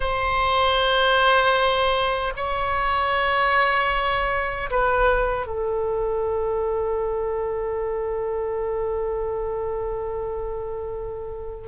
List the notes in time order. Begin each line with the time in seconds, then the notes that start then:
0.00 C5
2.36 C#5
4.70 B4
5.46 A4